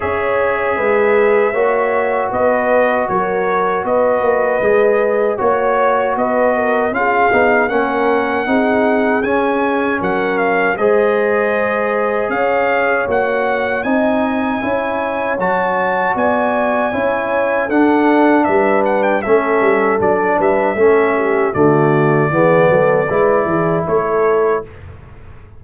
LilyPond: <<
  \new Staff \with { instrumentName = "trumpet" } { \time 4/4 \tempo 4 = 78 e''2. dis''4 | cis''4 dis''2 cis''4 | dis''4 f''4 fis''2 | gis''4 fis''8 f''8 dis''2 |
f''4 fis''4 gis''2 | a''4 gis''2 fis''4 | e''8 fis''16 g''16 e''4 d''8 e''4. | d''2. cis''4 | }
  \new Staff \with { instrumentName = "horn" } { \time 4/4 cis''4 b'4 cis''4 b'4 | ais'4 b'2 cis''4 | b'8 ais'8 gis'4 ais'4 gis'4~ | gis'4 ais'4 c''2 |
cis''2 dis''4 cis''4~ | cis''4 d''4 cis''4 a'4 | b'4 a'4. b'8 a'8 g'8 | fis'4 gis'8 a'8 b'8 gis'8 a'4 | }
  \new Staff \with { instrumentName = "trombone" } { \time 4/4 gis'2 fis'2~ | fis'2 gis'4 fis'4~ | fis'4 f'8 dis'8 cis'4 dis'4 | cis'2 gis'2~ |
gis'4 fis'4 dis'4 e'4 | fis'2 e'4 d'4~ | d'4 cis'4 d'4 cis'4 | a4 b4 e'2 | }
  \new Staff \with { instrumentName = "tuba" } { \time 4/4 cis'4 gis4 ais4 b4 | fis4 b8 ais8 gis4 ais4 | b4 cis'8 b8 ais4 c'4 | cis'4 fis4 gis2 |
cis'4 ais4 c'4 cis'4 | fis4 b4 cis'4 d'4 | g4 a8 g8 fis8 g8 a4 | d4 e8 fis8 gis8 e8 a4 | }
>>